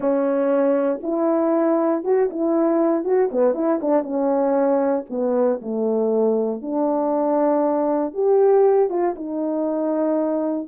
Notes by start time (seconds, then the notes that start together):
0.00 C#4
1.03 E4
2.03 F#4
2.30 E4
3.04 F#4
3.31 B3
3.54 E4
3.81 D4
4.02 C#4
5.09 B3
5.61 A3
6.61 D4
8.13 G4
8.89 F4
9.15 D#4